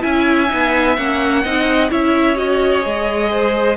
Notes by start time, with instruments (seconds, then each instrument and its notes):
0.00 cello C#4, viola E4, violin E5 G#5
0.48 cello B3, viola D#4
0.96 cello A#3, viola C#4, violin F#5
1.43 cello C4, viola D#4, violin D#5
1.89 cello C#4, viola E4, violin C#5 E5
2.35 viola F#4, violin D#5
2.82 cello G#3, viola G#4
3.31 violin C5